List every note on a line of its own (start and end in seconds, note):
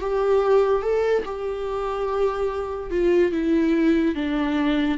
0.00 0.82 G4
0.82 1.24 A4
1.25 2.91 G4
2.91 3.31 F4
3.31 4.15 E4
4.15 4.97 D4